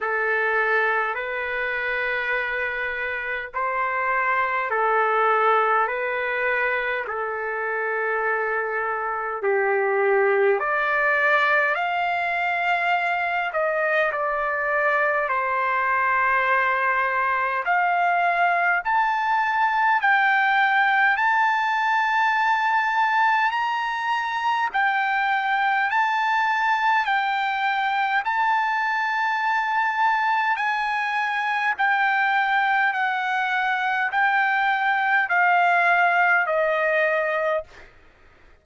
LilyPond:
\new Staff \with { instrumentName = "trumpet" } { \time 4/4 \tempo 4 = 51 a'4 b'2 c''4 | a'4 b'4 a'2 | g'4 d''4 f''4. dis''8 | d''4 c''2 f''4 |
a''4 g''4 a''2 | ais''4 g''4 a''4 g''4 | a''2 gis''4 g''4 | fis''4 g''4 f''4 dis''4 | }